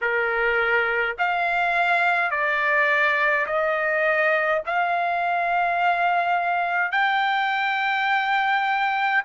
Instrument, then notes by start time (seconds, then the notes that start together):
trumpet
0.01 A#4
1.18 F5
2.30 D5
3.46 D#5
4.66 F5
6.91 G5